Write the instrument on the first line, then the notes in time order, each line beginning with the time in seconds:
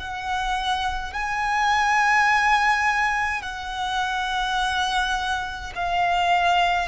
violin
0.00 F#5
1.14 G#5
3.42 F#5
5.75 F5